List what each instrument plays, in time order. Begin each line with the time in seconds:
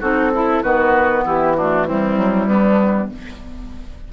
0.00 bassoon C4, clarinet D#4, oboe F#4, flute A4
0.34 clarinet E4, oboe E4
0.62 bassoon D#3, clarinet B3, oboe F#4, flute B4
1.25 bassoon E3, oboe E4, flute G4
1.55 clarinet A3, oboe D4, flute F#4
1.87 clarinet G3, oboe C4, flute E4
2.17 bassoon F#3
2.46 bassoon G3, oboe B3, flute D4